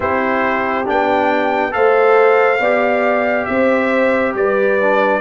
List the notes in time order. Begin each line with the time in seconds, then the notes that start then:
0.00 C4 E4 G4 C5
0.85 B3 D4 G5
1.71 A3 A4 C5 F5
2.60 B3 G4 D5
3.45 C4 C5 E5
4.34 G3 B4 D5
4.80 D4